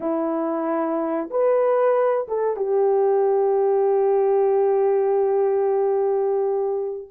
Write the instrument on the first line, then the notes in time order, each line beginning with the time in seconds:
horn
0.00 E4
1.30 B4
2.28 A4
2.56 G4